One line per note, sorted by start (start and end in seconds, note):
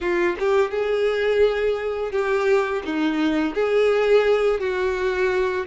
0.00 0.36 F4
0.39 0.70 G4
0.70 2.11 G#4
2.11 2.82 G4
2.85 3.54 D#4
3.54 4.60 G#4
4.60 5.66 F#4